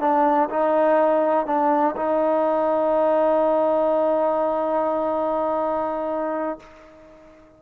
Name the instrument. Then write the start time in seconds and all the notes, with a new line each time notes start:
trombone
0.00 D4
0.50 D#4
1.46 D4
1.96 D#4